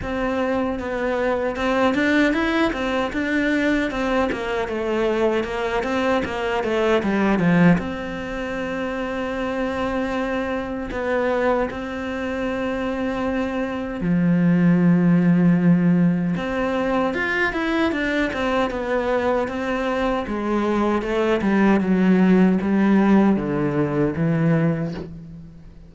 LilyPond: \new Staff \with { instrumentName = "cello" } { \time 4/4 \tempo 4 = 77 c'4 b4 c'8 d'8 e'8 c'8 | d'4 c'8 ais8 a4 ais8 c'8 | ais8 a8 g8 f8 c'2~ | c'2 b4 c'4~ |
c'2 f2~ | f4 c'4 f'8 e'8 d'8 c'8 | b4 c'4 gis4 a8 g8 | fis4 g4 d4 e4 | }